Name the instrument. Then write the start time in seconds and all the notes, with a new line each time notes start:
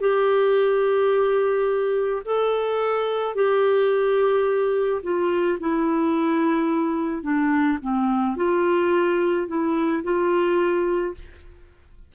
clarinet
0.00 G4
2.25 A4
3.35 G4
5.03 F4
5.60 E4
7.22 D4
7.81 C4
8.36 F4
9.47 E4
10.03 F4